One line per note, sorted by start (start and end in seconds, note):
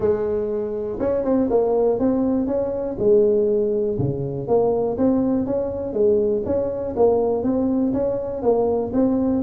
0.00 0.99 G#3
0.99 1.24 C#4
1.24 1.49 C4
1.49 1.99 A#3
1.99 2.47 C4
2.47 2.96 C#4
2.98 3.97 G#3
3.98 4.47 C#3
4.47 4.97 A#3
4.97 5.46 C4
5.46 5.93 C#4
5.93 6.43 G#3
6.45 6.95 C#4
6.96 7.43 A#3
7.43 7.92 C4
7.93 8.42 C#4
8.42 8.92 A#3
8.93 9.42 C4